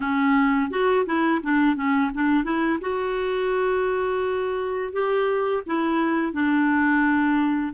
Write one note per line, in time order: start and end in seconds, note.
0.00 0.70 C#4
0.70 1.05 F#4
1.06 1.41 E4
1.42 1.76 D4
1.76 2.11 C#4
2.14 2.44 D4
2.44 2.79 E4
2.80 4.92 F#4
4.92 5.63 G4
5.66 6.32 E4
6.32 7.73 D4